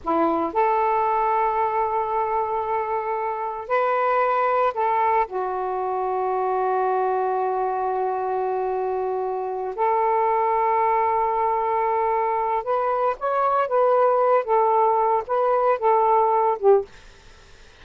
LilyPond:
\new Staff \with { instrumentName = "saxophone" } { \time 4/4 \tempo 4 = 114 e'4 a'2.~ | a'2. b'4~ | b'4 a'4 fis'2~ | fis'1~ |
fis'2~ fis'8 a'4.~ | a'1 | b'4 cis''4 b'4. a'8~ | a'4 b'4 a'4. g'8 | }